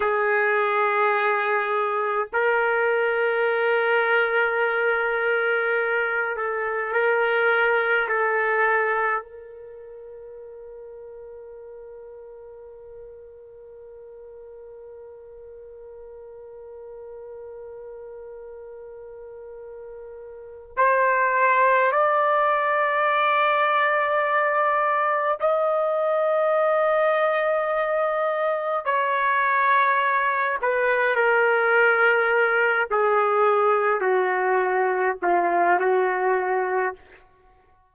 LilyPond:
\new Staff \with { instrumentName = "trumpet" } { \time 4/4 \tempo 4 = 52 gis'2 ais'2~ | ais'4. a'8 ais'4 a'4 | ais'1~ | ais'1~ |
ais'2 c''4 d''4~ | d''2 dis''2~ | dis''4 cis''4. b'8 ais'4~ | ais'8 gis'4 fis'4 f'8 fis'4 | }